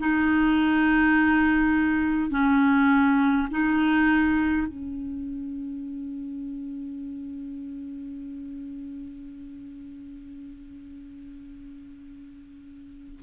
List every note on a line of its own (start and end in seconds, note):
0.00 2.30 D#4
2.30 3.48 C#4
3.51 4.67 D#4
4.67 13.20 C#4